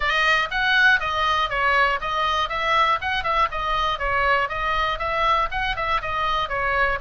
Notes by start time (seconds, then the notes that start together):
0.00 D#5
0.50 F#5
1.00 D#5
1.49 C#5
2.00 D#5
2.49 E5
3.01 F#5
3.23 E5
3.51 D#5
3.98 C#5
4.48 D#5
4.98 E5
5.51 F#5
5.76 E5
6.01 D#5
6.49 C#5